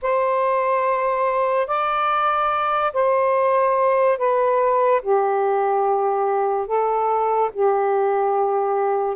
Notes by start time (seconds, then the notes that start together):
0.02 C5
1.67 D5
2.93 C5
4.17 B4
5.02 G4
6.67 A4
7.53 G4